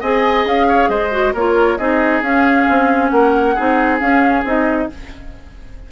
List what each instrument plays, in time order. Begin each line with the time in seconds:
0.00 bassoon C4, clarinet G#4, oboe D#5, flute G#5
0.45 bassoon C#4, flute F5
0.68 oboe C#5
0.88 bassoon G#3, oboe C5, flute D#5
1.11 clarinet F#4
1.33 bassoon A#3, clarinet F4, oboe A#4, flute C#5
1.78 bassoon C4, clarinet D#4, oboe G#4, flute D#5
2.21 bassoon C#4, clarinet C#4, flute F5
2.69 bassoon C4
3.09 bassoon A#3, oboe A#4, flute F#5
3.54 bassoon C4, clarinet D#4, oboe G#4
3.99 clarinet C#4, bassoon C#4, flute F5
4.44 bassoon C4, clarinet D#4, flute D#5